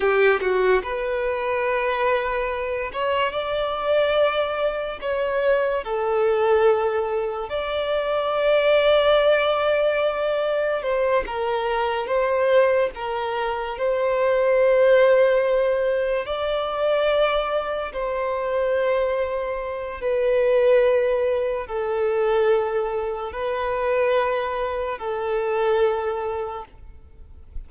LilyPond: \new Staff \with { instrumentName = "violin" } { \time 4/4 \tempo 4 = 72 g'8 fis'8 b'2~ b'8 cis''8 | d''2 cis''4 a'4~ | a'4 d''2.~ | d''4 c''8 ais'4 c''4 ais'8~ |
ais'8 c''2. d''8~ | d''4. c''2~ c''8 | b'2 a'2 | b'2 a'2 | }